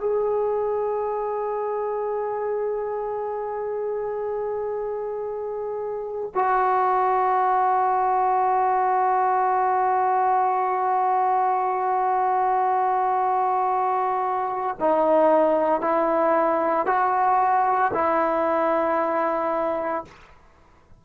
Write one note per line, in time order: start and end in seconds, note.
0.00 6.32 G#4
6.34 14.77 F#4
14.80 15.81 D#4
15.81 16.86 E4
16.86 17.91 F#4
17.94 20.04 E4